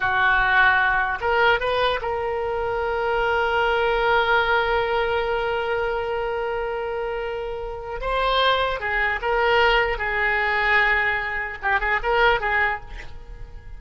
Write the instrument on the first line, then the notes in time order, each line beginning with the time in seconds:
oboe
0.00 F#4
1.20 A#4
1.60 B4
2.01 A#4
8.00 C5
8.80 G#4
9.21 A#4
9.97 G#4
11.62 G4
11.79 G#4
12.02 A#4
12.40 G#4